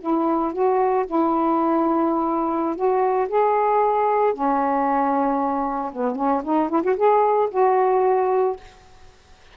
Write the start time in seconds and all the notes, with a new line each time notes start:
0.00 E4
0.53 F#4
1.06 E4
2.75 F#4
3.28 G#4
4.33 C#4
5.92 B3
6.15 C#4
6.44 D#4
6.69 E4
6.82 F#4
6.96 G#4
7.51 F#4